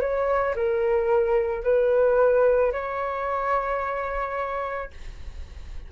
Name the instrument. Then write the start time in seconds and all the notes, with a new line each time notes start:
flute
0.00 C#5
0.56 A#4
1.64 B4
2.72 C#5